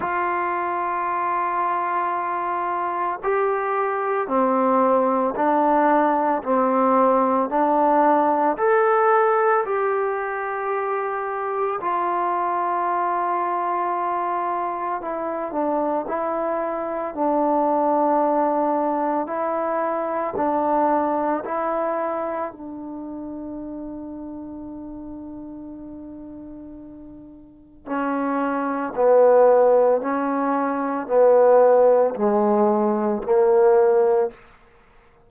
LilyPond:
\new Staff \with { instrumentName = "trombone" } { \time 4/4 \tempo 4 = 56 f'2. g'4 | c'4 d'4 c'4 d'4 | a'4 g'2 f'4~ | f'2 e'8 d'8 e'4 |
d'2 e'4 d'4 | e'4 d'2.~ | d'2 cis'4 b4 | cis'4 b4 gis4 ais4 | }